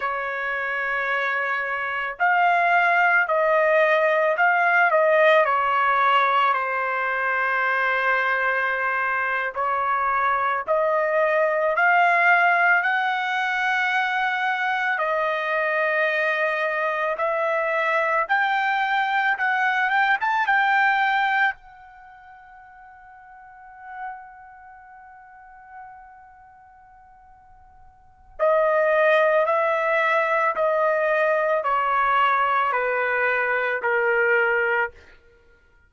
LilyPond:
\new Staff \with { instrumentName = "trumpet" } { \time 4/4 \tempo 4 = 55 cis''2 f''4 dis''4 | f''8 dis''8 cis''4 c''2~ | c''8. cis''4 dis''4 f''4 fis''16~ | fis''4.~ fis''16 dis''2 e''16~ |
e''8. g''4 fis''8 g''16 a''16 g''4 fis''16~ | fis''1~ | fis''2 dis''4 e''4 | dis''4 cis''4 b'4 ais'4 | }